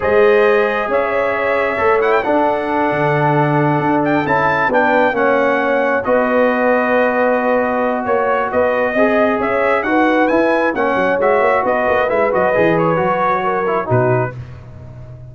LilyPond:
<<
  \new Staff \with { instrumentName = "trumpet" } { \time 4/4 \tempo 4 = 134 dis''2 e''2~ | e''8 fis''16 g''16 fis''2.~ | fis''4 g''8 a''4 g''4 fis''8~ | fis''4. dis''2~ dis''8~ |
dis''2 cis''4 dis''4~ | dis''4 e''4 fis''4 gis''4 | fis''4 e''4 dis''4 e''8 dis''8~ | dis''8 cis''2~ cis''8 b'4 | }
  \new Staff \with { instrumentName = "horn" } { \time 4/4 c''2 cis''2~ | cis''4 a'2.~ | a'2~ a'8 b'4 cis''8~ | cis''4. b'2~ b'8~ |
b'2 cis''4 b'4 | dis''4 cis''4 b'2 | cis''2 b'2~ | b'2 ais'4 fis'4 | }
  \new Staff \with { instrumentName = "trombone" } { \time 4/4 gis'1 | a'8 e'8 d'2.~ | d'4. e'4 d'4 cis'8~ | cis'4. fis'2~ fis'8~ |
fis'1 | gis'2 fis'4 e'4 | cis'4 fis'2 e'8 fis'8 | gis'4 fis'4. e'8 dis'4 | }
  \new Staff \with { instrumentName = "tuba" } { \time 4/4 gis2 cis'2 | a4 d'4. d4.~ | d8 d'4 cis'4 b4 ais8~ | ais4. b2~ b8~ |
b2 ais4 b4 | c'4 cis'4 dis'4 e'4 | ais8 fis8 gis8 ais8 b8 ais8 gis8 fis8 | e4 fis2 b,4 | }
>>